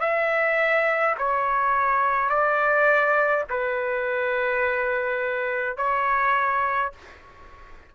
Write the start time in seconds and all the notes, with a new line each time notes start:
0.00 E5
1.18 C#5
2.29 D5
3.49 B4
5.76 C#5